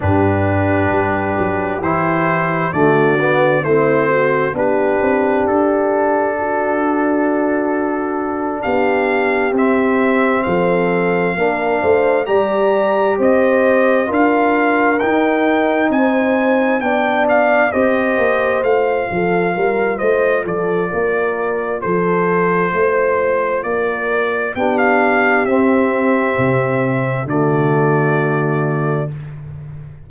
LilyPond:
<<
  \new Staff \with { instrumentName = "trumpet" } { \time 4/4 \tempo 4 = 66 b'2 c''4 d''4 | c''4 b'4 a'2~ | a'4. f''4 e''4 f''8~ | f''4. ais''4 dis''4 f''8~ |
f''8 g''4 gis''4 g''8 f''8 dis''8~ | dis''8 f''4. dis''8 d''4. | c''2 d''4 g''16 f''8. | e''2 d''2 | }
  \new Staff \with { instrumentName = "horn" } { \time 4/4 g'2. fis'4 | e'8 fis'8 g'2 fis'4~ | fis'4. g'2 a'8~ | a'8 ais'8 c''8 d''4 c''4 ais'8~ |
ais'4. c''4 d''4 c''8~ | c''4 a'8 ais'8 c''8 a'8 ais'4 | a'4 c''4 ais'4 g'4~ | g'2 fis'2 | }
  \new Staff \with { instrumentName = "trombone" } { \time 4/4 d'2 e'4 a8 b8 | c'4 d'2.~ | d'2~ d'8 c'4.~ | c'8 d'4 g'2 f'8~ |
f'8 dis'2 d'4 g'8~ | g'8 f'2.~ f'8~ | f'2. d'4 | c'2 a2 | }
  \new Staff \with { instrumentName = "tuba" } { \time 4/4 g,4 g8 fis8 e4 d4 | a4 b8 c'8 d'2~ | d'4. b4 c'4 f8~ | f8 ais8 a8 g4 c'4 d'8~ |
d'8 dis'4 c'4 b4 c'8 | ais8 a8 f8 g8 a8 f8 ais4 | f4 a4 ais4 b4 | c'4 c4 d2 | }
>>